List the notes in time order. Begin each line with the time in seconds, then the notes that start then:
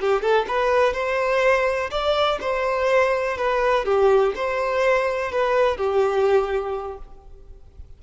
0.00 G4
0.21 A4
0.48 B4
0.93 C5
1.90 D5
2.40 C5
3.37 B4
3.85 G4
4.35 C5
5.31 B4
5.76 G4